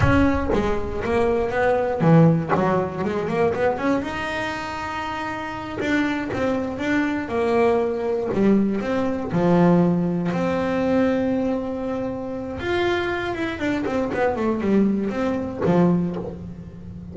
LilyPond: \new Staff \with { instrumentName = "double bass" } { \time 4/4 \tempo 4 = 119 cis'4 gis4 ais4 b4 | e4 fis4 gis8 ais8 b8 cis'8 | dis'2.~ dis'8 d'8~ | d'8 c'4 d'4 ais4.~ |
ais8 g4 c'4 f4.~ | f8 c'2.~ c'8~ | c'4 f'4. e'8 d'8 c'8 | b8 a8 g4 c'4 f4 | }